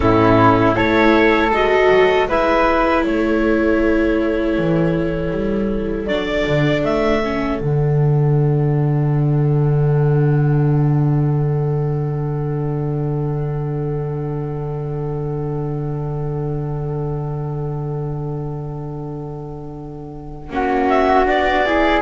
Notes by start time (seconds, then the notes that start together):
0.00 A2 C#4 E4 A4
0.74 A3 E4 A4 C#5
1.50 G#3 F#4 D#5
1.89 F#3
2.28 G#3 E4 B4 E5
3.03 A3 A4 C#5
4.57 E3
5.31 G3
6.06 F#3 D4 D5
6.46 D3
6.83 A3 E5
7.23 C#4
7.59 D3 D4 F#5
20.49 A#3 C#4 F#4
20.88 E5
21.25 B3 D4 D5
21.65 E4 G#4